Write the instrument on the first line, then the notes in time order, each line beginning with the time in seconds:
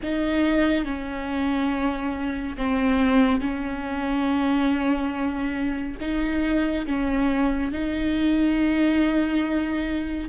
viola
0.02 D#4
0.85 C#4
2.57 C4
3.41 C#4
6.00 D#4
6.86 C#4
7.72 D#4